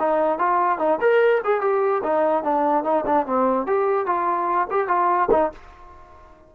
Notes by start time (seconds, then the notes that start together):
0.00 D#4
0.39 F4
0.79 D#4
1.01 A#4
1.45 G#4
1.62 G4
2.04 D#4
2.44 D4
2.84 D#4
3.06 D4
3.27 C4
3.67 G4
4.06 F4
4.71 G4
4.88 F4
5.31 D#4